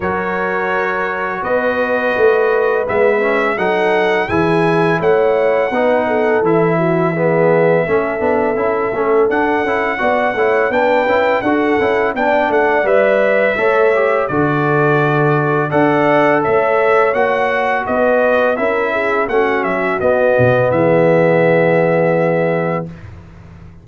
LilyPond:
<<
  \new Staff \with { instrumentName = "trumpet" } { \time 4/4 \tempo 4 = 84 cis''2 dis''2 | e''4 fis''4 gis''4 fis''4~ | fis''4 e''2.~ | e''4 fis''2 g''4 |
fis''4 g''8 fis''8 e''2 | d''2 fis''4 e''4 | fis''4 dis''4 e''4 fis''8 e''8 | dis''4 e''2. | }
  \new Staff \with { instrumentName = "horn" } { \time 4/4 ais'2 b'2~ | b'4 a'4 gis'4 cis''4 | b'8 a'4 fis'8 gis'4 a'4~ | a'2 d''8 cis''8 b'4 |
a'4 d''2 cis''4 | a'2 d''4 cis''4~ | cis''4 b'4 ais'8 gis'8 fis'4~ | fis'4 gis'2. | }
  \new Staff \with { instrumentName = "trombone" } { \time 4/4 fis'1 | b8 cis'8 dis'4 e'2 | dis'4 e'4 b4 cis'8 d'8 | e'8 cis'8 d'8 e'8 fis'8 e'8 d'8 e'8 |
fis'8 e'8 d'4 b'4 a'8 g'8 | fis'2 a'2 | fis'2 e'4 cis'4 | b1 | }
  \new Staff \with { instrumentName = "tuba" } { \time 4/4 fis2 b4 a4 | gis4 fis4 e4 a4 | b4 e2 a8 b8 | cis'8 a8 d'8 cis'8 b8 a8 b8 cis'8 |
d'8 cis'8 b8 a8 g4 a4 | d2 d'4 a4 | ais4 b4 cis'4 a8 fis8 | b8 b,8 e2. | }
>>